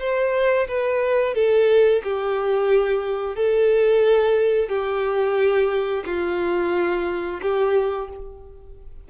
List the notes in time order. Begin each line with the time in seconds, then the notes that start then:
0.00 C5
0.68 B4
1.35 A4
2.04 G4
3.36 A4
4.69 G4
6.06 F4
7.42 G4